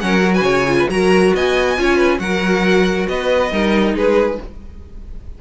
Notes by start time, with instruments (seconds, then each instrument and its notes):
0.00 cello F#3, viola C#4, violin A#4 F#5
0.21 viola F#4
0.34 violin B4 G#5
0.41 cello C#3, violin C#5
0.68 viola F4
0.79 violin B4
0.89 cello F#3, viola F#4, violin A#4 A#5
1.35 cello B3, violin D#5 G#5
1.77 cello C#4, viola F4, violin C#5
1.97 violin B4
2.19 cello F#3, viola F#4, violin A#4 F#5
3.09 cello B3, violin B4 D#5
3.51 cello G3, viola D#4, violin A#4
3.94 cello G#3, violin G#4 B4